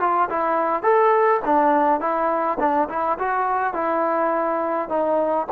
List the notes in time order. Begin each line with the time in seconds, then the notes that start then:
0.00 F4
0.29 E4
0.83 A4
1.45 D4
2.00 E4
2.60 D4
2.89 E4
3.19 F#4
3.74 E4
4.89 D#4